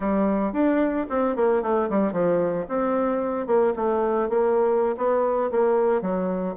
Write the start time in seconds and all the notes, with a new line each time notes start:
0.00 G3
0.52 D4
1.09 C4
1.36 A#3
1.62 A3
1.89 G3
2.12 F3
2.68 C4
3.46 A#3
3.76 A3
4.29 A#3
4.97 B3
5.51 A#3
6.01 F#3